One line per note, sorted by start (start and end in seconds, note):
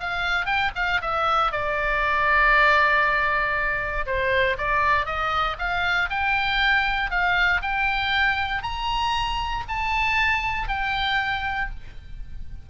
0.00 0.46 F5
0.46 0.71 G5
0.75 1.01 F5
1.01 1.51 E5
1.51 4.06 D5
4.06 4.57 C5
4.58 5.06 D5
5.06 5.57 D#5
5.58 6.09 F5
6.09 7.10 G5
7.10 7.61 F5
7.62 8.62 G5
8.62 9.64 A#5
9.68 10.68 A5
10.68 11.70 G5